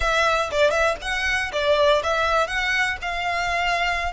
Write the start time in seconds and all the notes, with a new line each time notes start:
0.00 E5
0.51 D5
0.70 E5
1.01 F#5
1.52 D5
2.02 E5
2.47 F#5
3.01 F5